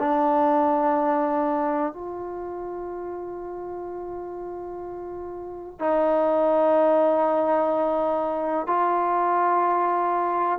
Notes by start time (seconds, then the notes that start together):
0.00 D4
1.93 F4
5.80 D#4
8.67 F4